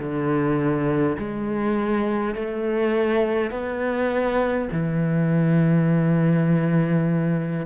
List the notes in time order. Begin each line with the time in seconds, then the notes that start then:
0.00 D3
1.18 G#3
2.35 A3
3.51 B3
4.72 E3